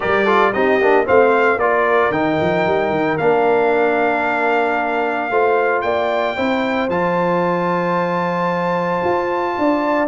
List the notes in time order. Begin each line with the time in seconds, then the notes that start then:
0.00 G3 G4 A#4 D5
0.24 F4 A4
0.53 C4 D#4 G4 D#5
0.81 A#3 D4
1.05 A3 C4 C5 F5
1.57 A#3 F4 A#4 D5
2.10 D#3 D#4 G5
2.41 F3
2.66 G3
2.90 D#3
3.17 A#3 D4 F5
5.30 A3 F4 C5
5.81 A#3 D5 G5
6.36 C4 E4 C5
6.88 F3 F4 A5
9.04 F4
9.58 D4 D5